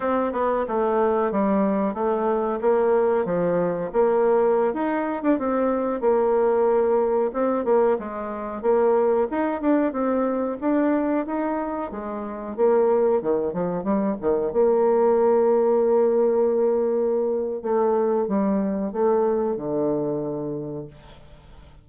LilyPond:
\new Staff \with { instrumentName = "bassoon" } { \time 4/4 \tempo 4 = 92 c'8 b8 a4 g4 a4 | ais4 f4 ais4~ ais16 dis'8. | d'16 c'4 ais2 c'8 ais16~ | ais16 gis4 ais4 dis'8 d'8 c'8.~ |
c'16 d'4 dis'4 gis4 ais8.~ | ais16 dis8 f8 g8 dis8 ais4.~ ais16~ | ais2. a4 | g4 a4 d2 | }